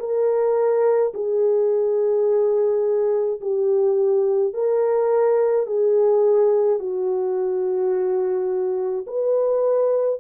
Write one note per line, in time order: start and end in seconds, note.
0.00 1.13 A#4
1.14 3.41 G#4
3.41 4.54 G4
4.54 5.67 A#4
5.67 6.80 G#4
6.80 9.06 F#4
9.07 10.20 B4